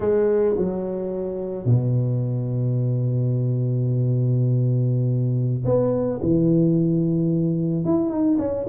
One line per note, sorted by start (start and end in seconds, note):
0.00 0.55 G#3
0.57 1.65 F#3
1.65 5.64 B2
5.65 6.20 B3
6.22 7.84 E3
7.84 8.09 E4
8.09 8.37 D#4
8.38 8.66 C#4